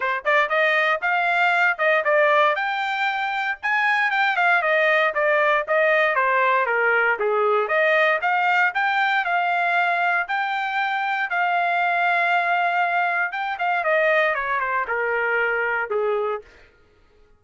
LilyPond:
\new Staff \with { instrumentName = "trumpet" } { \time 4/4 \tempo 4 = 117 c''8 d''8 dis''4 f''4. dis''8 | d''4 g''2 gis''4 | g''8 f''8 dis''4 d''4 dis''4 | c''4 ais'4 gis'4 dis''4 |
f''4 g''4 f''2 | g''2 f''2~ | f''2 g''8 f''8 dis''4 | cis''8 c''8 ais'2 gis'4 | }